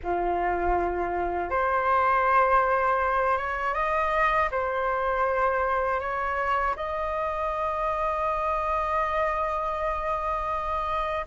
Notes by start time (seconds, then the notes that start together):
0.03 F4
1.50 C5
3.38 C#5
3.74 D#5
4.51 C5
6.00 C#5
6.76 D#5